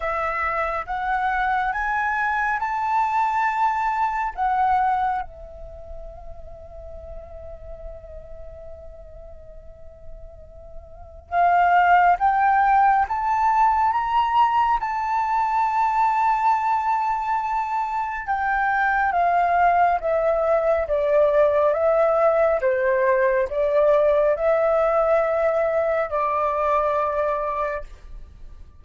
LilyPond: \new Staff \with { instrumentName = "flute" } { \time 4/4 \tempo 4 = 69 e''4 fis''4 gis''4 a''4~ | a''4 fis''4 e''2~ | e''1~ | e''4 f''4 g''4 a''4 |
ais''4 a''2.~ | a''4 g''4 f''4 e''4 | d''4 e''4 c''4 d''4 | e''2 d''2 | }